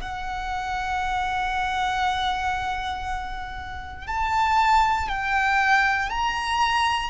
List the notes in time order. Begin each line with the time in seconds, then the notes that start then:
0.00 F#5
4.07 A5
5.08 G5
6.10 A#5